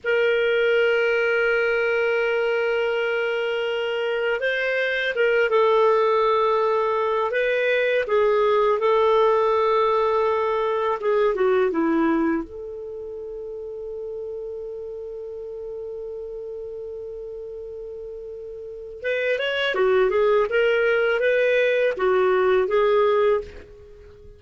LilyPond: \new Staff \with { instrumentName = "clarinet" } { \time 4/4 \tempo 4 = 82 ais'1~ | ais'2 c''4 ais'8 a'8~ | a'2 b'4 gis'4 | a'2. gis'8 fis'8 |
e'4 a'2.~ | a'1~ | a'2 b'8 cis''8 fis'8 gis'8 | ais'4 b'4 fis'4 gis'4 | }